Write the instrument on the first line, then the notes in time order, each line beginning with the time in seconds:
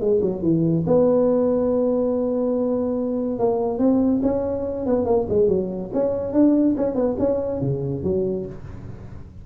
tuba
0.00 G#3
0.22 F#3
0.42 E3
0.87 B3
3.39 A#3
3.79 C4
4.23 C#4
4.86 B3
5.06 A#3
5.29 G#3
5.48 F#3
5.93 C#4
6.33 D4
6.77 C#4
6.95 B3
7.19 C#4
7.61 C#3
8.03 F#3